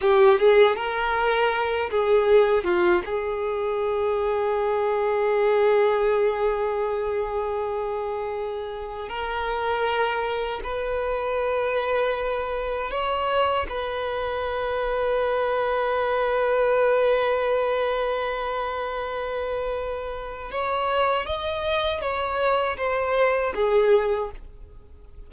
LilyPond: \new Staff \with { instrumentName = "violin" } { \time 4/4 \tempo 4 = 79 g'8 gis'8 ais'4. gis'4 f'8 | gis'1~ | gis'1 | ais'2 b'2~ |
b'4 cis''4 b'2~ | b'1~ | b'2. cis''4 | dis''4 cis''4 c''4 gis'4 | }